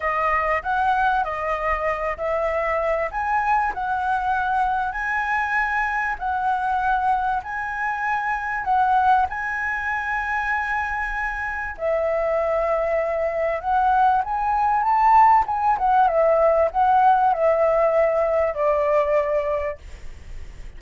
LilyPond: \new Staff \with { instrumentName = "flute" } { \time 4/4 \tempo 4 = 97 dis''4 fis''4 dis''4. e''8~ | e''4 gis''4 fis''2 | gis''2 fis''2 | gis''2 fis''4 gis''4~ |
gis''2. e''4~ | e''2 fis''4 gis''4 | a''4 gis''8 fis''8 e''4 fis''4 | e''2 d''2 | }